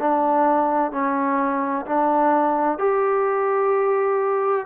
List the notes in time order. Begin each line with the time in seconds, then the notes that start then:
0.00 D4
0.92 C#4
1.86 D4
2.79 G4